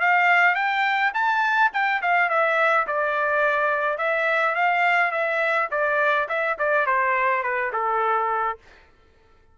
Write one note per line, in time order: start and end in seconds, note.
0.00 0.55 F5
0.55 1.12 G5
1.13 1.70 A5
1.73 2.01 G5
2.02 2.29 F5
2.29 2.86 E5
2.86 3.98 D5
3.98 4.55 E5
4.55 5.11 F5
5.11 5.68 E5
5.71 6.28 D5
6.28 6.57 E5
6.58 6.86 D5
6.86 7.43 C5
7.43 7.71 B4
7.72 8.58 A4